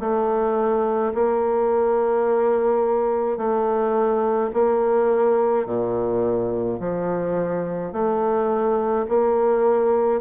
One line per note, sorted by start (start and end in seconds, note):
0.00 1.13 A3
1.14 3.38 A#3
3.38 4.51 A3
4.53 5.66 A#3
5.66 6.79 A#2
6.80 7.92 F3
7.92 9.06 A3
9.09 10.21 A#3